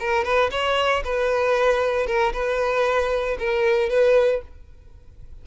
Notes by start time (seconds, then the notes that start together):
0.00 A#4
0.24 B4
0.51 C#5
1.05 B4
2.07 A#4
2.33 B4
3.39 A#4
3.90 B4